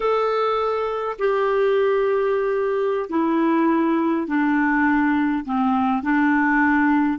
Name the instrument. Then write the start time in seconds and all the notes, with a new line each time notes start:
clarinet
0.00 A4
1.18 G4
3.09 E4
4.27 D4
5.45 C4
6.02 D4